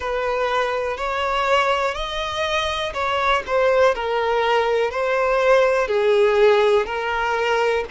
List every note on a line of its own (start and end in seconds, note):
0.00 0.97 B4
0.97 1.94 C#5
1.94 2.92 D#5
2.93 3.42 C#5
3.46 3.94 C5
3.94 4.90 A#4
4.90 5.87 C5
5.87 6.85 G#4
6.86 7.84 A#4